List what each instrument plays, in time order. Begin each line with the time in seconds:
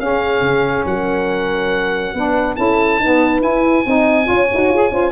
0.00 tuba C#4, saxophone C#4, horn G#4, oboe F5
0.42 tuba C#3
0.86 tuba F#3, horn A#4, oboe F#5
2.14 tuba B3, saxophone D4, horn B4
2.56 tuba C#4, saxophone E4, horn A4, oboe A5
3.00 saxophone B3, tuba D#4, horn B4
3.41 saxophone E4, tuba E4, oboe G#5
3.86 tuba C4, saxophone D#4, horn D#5
4.25 tuba C#4, saxophone F4, horn C#5
4.54 tuba D#4, saxophone F#4
4.70 tuba F4, saxophone G#4
4.91 tuba C#4, saxophone F4, horn C5